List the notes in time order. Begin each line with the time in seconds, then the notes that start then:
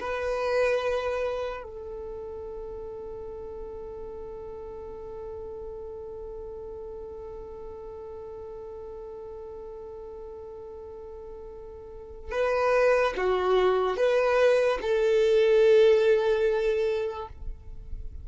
0.00 B4
1.63 A4
12.31 B4
13.16 F#4
13.97 B4
14.81 A4